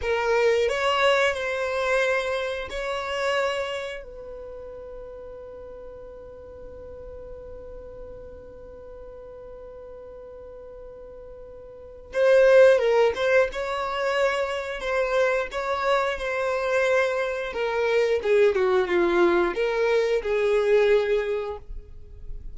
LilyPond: \new Staff \with { instrumentName = "violin" } { \time 4/4 \tempo 4 = 89 ais'4 cis''4 c''2 | cis''2 b'2~ | b'1~ | b'1~ |
b'2 c''4 ais'8 c''8 | cis''2 c''4 cis''4 | c''2 ais'4 gis'8 fis'8 | f'4 ais'4 gis'2 | }